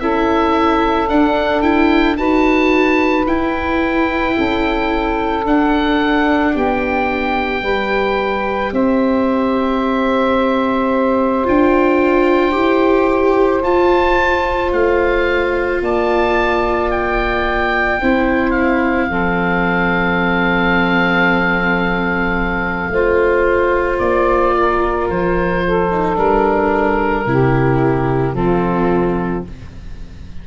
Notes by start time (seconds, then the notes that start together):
0.00 C#4 E4 A4 E5
1.09 D4 F#5
1.62 E4 G5
2.17 D#4 F#4 B4 A5
3.27 E4 G5
4.37 C#4 A4
5.45 D4 F#5
6.52 B3 G4 G5
7.63 G3 G4 B4
8.72 C4 C5 E5
11.45 D4 F4 G5
12.52 E4 G4
13.63 F4 A5
14.72 A3 F5
15.81 A#3 D5 A5
16.91 G5
18.00 C4 E4 C5
18.51 F5
19.09 F3 C4 A4
22.90 A3 F4 C5
23.99 A#3 D5
24.58 A#4
25.10 F3 C5
25.65 A4
25.91 D#4
26.15 G3 D4 A#4
27.26 C3 E4 G4
28.34 F3 C4 F4 A4